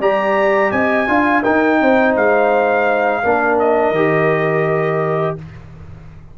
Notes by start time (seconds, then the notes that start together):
0.00 G3 G4 D5 A#5
0.72 C4 D#5 G#5
1.07 D4 F4 F5
1.43 D#4 A#4 G5
1.81 C4 C5
2.16 G#3 F5
3.23 A#3 D4 A#4
3.59 D#5
3.91 D#3 G4